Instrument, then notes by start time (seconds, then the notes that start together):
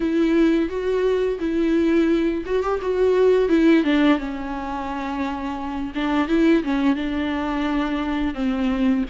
viola
0.00 E4
0.68 F#4
1.39 E4
2.45 F#4
2.62 G4
2.82 F#4
3.49 E4
3.84 D4
4.18 C#4
5.95 D4
6.28 E4
6.63 C#4
6.95 D4
8.34 C4